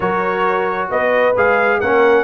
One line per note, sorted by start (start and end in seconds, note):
0.00 0.90 F#3
0.00 1.33 F#4
0.00 0.88 A#4
0.00 0.89 C#5
0.89 1.35 B3
0.89 1.79 B4
0.89 1.36 D#5
1.36 1.81 G#3
1.36 1.82 G#4
1.36 1.80 F5
1.80 2.23 A#3
1.80 2.23 C#4
1.80 2.23 A#4
1.80 2.23 F#5